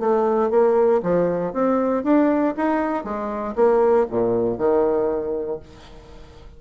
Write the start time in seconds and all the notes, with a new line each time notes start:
0.00 A3
0.51 A#3
1.03 F3
1.53 C4
2.04 D4
2.57 D#4
3.04 G#3
3.56 A#3
4.11 A#2
4.58 D#3